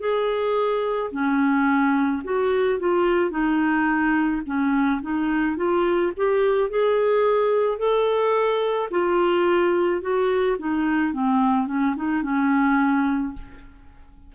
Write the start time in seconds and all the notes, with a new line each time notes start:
0.00 G#4
1.12 C#4
2.24 F#4
2.80 F4
3.31 D#4
4.46 C#4
5.02 D#4
5.57 F4
6.17 G4
6.70 G#4
7.78 A4
8.91 F4
10.02 F#4
10.59 D#4
11.14 C4
11.68 C#4
11.96 D#4
12.23 C#4